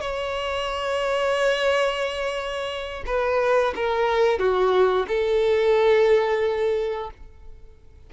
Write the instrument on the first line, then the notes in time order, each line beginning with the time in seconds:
violin
0.00 C#5
3.06 B4
3.75 A#4
4.39 F#4
5.07 A4